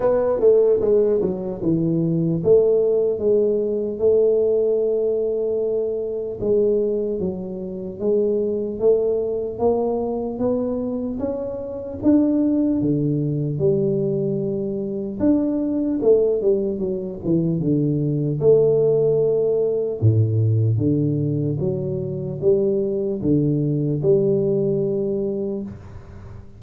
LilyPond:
\new Staff \with { instrumentName = "tuba" } { \time 4/4 \tempo 4 = 75 b8 a8 gis8 fis8 e4 a4 | gis4 a2. | gis4 fis4 gis4 a4 | ais4 b4 cis'4 d'4 |
d4 g2 d'4 | a8 g8 fis8 e8 d4 a4~ | a4 a,4 d4 fis4 | g4 d4 g2 | }